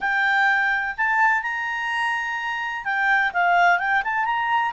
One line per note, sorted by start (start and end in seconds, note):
0.00 0.95 G5
0.97 1.42 A5
1.42 2.84 A#5
2.84 3.31 G5
3.33 3.78 F5
3.78 4.02 G5
4.04 4.24 A5
4.24 4.72 A#5